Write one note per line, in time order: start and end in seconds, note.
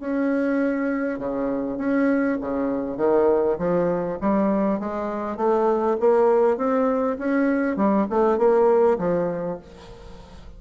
0.00 1.19 C#4
1.19 1.77 C#3
1.77 2.37 C#4
2.41 2.97 C#3
2.97 3.57 D#3
3.58 4.18 F3
4.21 4.79 G3
4.79 5.37 G#3
5.37 5.97 A3
6.00 6.57 A#3
6.57 7.17 C4
7.18 7.76 C#4
7.76 8.06 G3
8.10 8.38 A3
8.38 8.98 A#3
8.98 9.58 F3